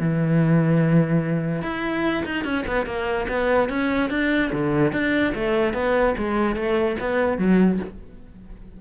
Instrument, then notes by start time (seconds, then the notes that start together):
cello
0.00 E3
1.62 E4
2.26 D#4
2.45 C#4
2.67 B3
2.86 A#3
3.29 B3
3.69 C#4
4.10 D4
4.53 D3
4.93 D4
5.35 A3
5.74 B3
6.18 G#3
6.56 A3
7.00 B3
7.38 F#3